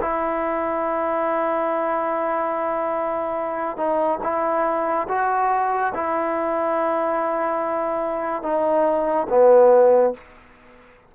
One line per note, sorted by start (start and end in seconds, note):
0.00 3.76 E4
3.76 4.19 D#4
4.23 5.07 E4
5.08 5.93 F#4
5.94 8.42 E4
8.42 9.27 D#4
9.29 10.13 B3